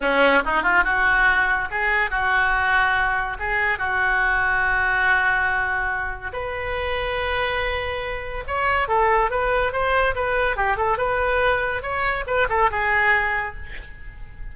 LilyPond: \new Staff \with { instrumentName = "oboe" } { \time 4/4 \tempo 4 = 142 cis'4 dis'8 f'8 fis'2 | gis'4 fis'2. | gis'4 fis'2.~ | fis'2. b'4~ |
b'1 | cis''4 a'4 b'4 c''4 | b'4 g'8 a'8 b'2 | cis''4 b'8 a'8 gis'2 | }